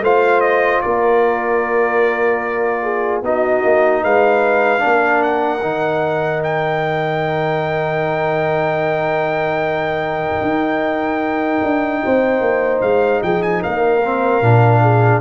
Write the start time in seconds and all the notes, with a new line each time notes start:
0.00 A3 F4 C5 F5
0.41 D#5
0.81 A#3 A#4 D5
2.83 G#4
3.22 B3 D#4 F#4 D#5
3.64 A#3
4.02 G#3 B4 F5
4.79 D4 A#4
4.85 A#3
5.22 F#5
5.62 D#3 D#4
6.43 G5
10.41 D#4
11.63 D4
12.04 C4 C5
12.41 A#3
12.81 G#3 F5
13.22 F3 G#4 G5
13.42 G#5
13.62 A#3 A#4 F5
14.05 C4
14.41 A#2 D4
14.82 G#4